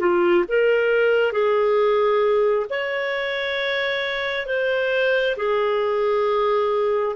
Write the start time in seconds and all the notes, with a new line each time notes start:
0.00 F4
0.48 A#4
1.33 G#4
2.70 C#5
4.47 C5
5.37 G#4